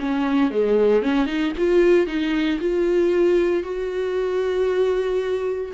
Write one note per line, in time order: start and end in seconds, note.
0.00 0.51 C#4
0.51 1.03 G#3
1.03 1.27 C#4
1.27 1.53 D#4
1.58 2.08 F4
2.08 2.60 D#4
2.60 3.64 F4
3.64 5.72 F#4